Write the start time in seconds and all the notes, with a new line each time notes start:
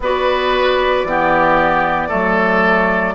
0.00 B3 F#4 B4 D5
1.04 E3 B3 G4
2.08 F#3 A3 A4